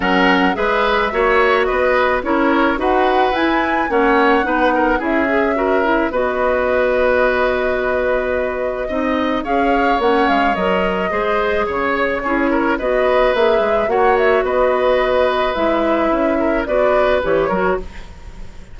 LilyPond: <<
  \new Staff \with { instrumentName = "flute" } { \time 4/4 \tempo 4 = 108 fis''4 e''2 dis''4 | cis''4 fis''4 gis''4 fis''4~ | fis''4 e''2 dis''4~ | dis''1~ |
dis''4 f''4 fis''8 f''8 dis''4~ | dis''4 cis''2 dis''4 | e''4 fis''8 e''8 dis''2 | e''2 d''4 cis''4 | }
  \new Staff \with { instrumentName = "oboe" } { \time 4/4 ais'4 b'4 cis''4 b'4 | ais'4 b'2 cis''4 | b'8 ais'8 gis'4 ais'4 b'4~ | b'1 |
dis''4 cis''2. | c''4 cis''4 gis'8 ais'8 b'4~ | b'4 cis''4 b'2~ | b'4. ais'8 b'4. ais'8 | }
  \new Staff \with { instrumentName = "clarinet" } { \time 4/4 cis'4 gis'4 fis'2 | e'4 fis'4 e'4 cis'4 | dis'4 e'8 gis'8 fis'8 e'8 fis'4~ | fis'1 |
dis'4 gis'4 cis'4 ais'4 | gis'2 e'4 fis'4 | gis'4 fis'2. | e'2 fis'4 g'8 fis'8 | }
  \new Staff \with { instrumentName = "bassoon" } { \time 4/4 fis4 gis4 ais4 b4 | cis'4 dis'4 e'4 ais4 | b4 cis'2 b4~ | b1 |
c'4 cis'4 ais8 gis8 fis4 | gis4 cis4 cis'4 b4 | ais8 gis8 ais4 b2 | gis4 cis'4 b4 e8 fis8 | }
>>